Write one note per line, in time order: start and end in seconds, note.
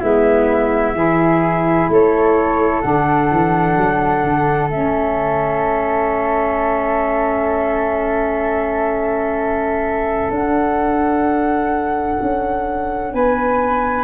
0.00 0.95 G#3
0.00 0.96 B3
0.00 0.94 E4
0.00 1.91 E5
0.95 1.88 E3
0.95 2.82 E4
0.95 1.91 G#4
1.89 2.83 A3
1.89 13.15 A4
1.89 2.82 C#5
2.82 3.31 D3
2.82 4.70 D4
2.82 4.69 F#5
3.31 3.77 E3
3.77 4.24 F#3
4.24 4.70 D3
4.70 10.31 A3
4.70 10.32 C#4
4.70 10.33 E5
10.31 12.18 D4
10.31 14.04 D4
10.31 13.14 F#5
12.21 13.14 C#4
13.14 14.04 B3
13.14 14.04 B4
13.14 14.04 G#5